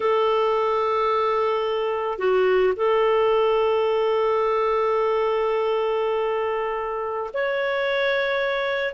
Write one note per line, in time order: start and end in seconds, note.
0.00 2.18 A4
2.18 2.73 F#4
2.76 7.30 A4
7.33 8.93 C#5